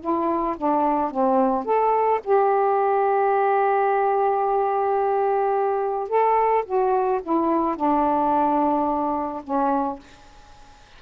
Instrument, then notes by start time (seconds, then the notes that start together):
saxophone
0.00 E4
0.57 D4
1.11 C4
1.65 A4
2.23 G4
6.08 A4
6.65 F#4
7.22 E4
7.76 D4
9.43 C#4